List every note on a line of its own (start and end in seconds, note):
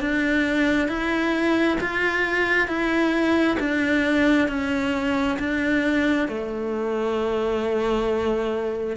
0.00 0.88 D4
0.88 1.77 E4
1.80 2.67 F4
2.67 3.57 E4
3.59 4.48 D4
4.48 5.37 C#4
5.39 6.28 D4
6.28 8.96 A3